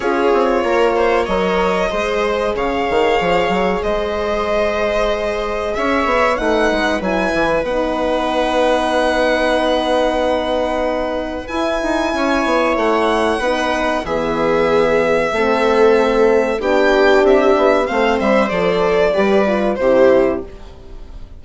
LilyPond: <<
  \new Staff \with { instrumentName = "violin" } { \time 4/4 \tempo 4 = 94 cis''2 dis''2 | f''2 dis''2~ | dis''4 e''4 fis''4 gis''4 | fis''1~ |
fis''2 gis''2 | fis''2 e''2~ | e''2 g''4 e''4 | f''8 e''8 d''2 c''4 | }
  \new Staff \with { instrumentName = "viola" } { \time 4/4 gis'4 ais'8 c''8 cis''4 c''4 | cis''2 c''2~ | c''4 cis''4 b'2~ | b'1~ |
b'2. cis''4~ | cis''4 b'4 gis'2 | a'2 g'2 | c''2 b'4 g'4 | }
  \new Staff \with { instrumentName = "horn" } { \time 4/4 f'2 ais'4 gis'4~ | gis'1~ | gis'2 dis'4 e'4 | dis'1~ |
dis'2 e'2~ | e'4 dis'4 b2 | c'2 d'2 | c'4 a'4 g'8 f'8 e'4 | }
  \new Staff \with { instrumentName = "bassoon" } { \time 4/4 cis'8 c'8 ais4 fis4 gis4 | cis8 dis8 f8 fis8 gis2~ | gis4 cis'8 b8 a8 gis8 fis8 e8 | b1~ |
b2 e'8 dis'8 cis'8 b8 | a4 b4 e2 | a2 b4 c'8 b8 | a8 g8 f4 g4 c4 | }
>>